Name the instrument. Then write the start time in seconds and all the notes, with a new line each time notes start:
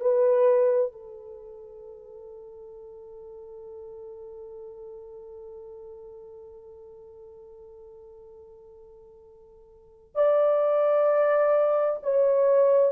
horn
0.00 B4
0.91 A4
10.15 D5
12.03 C#5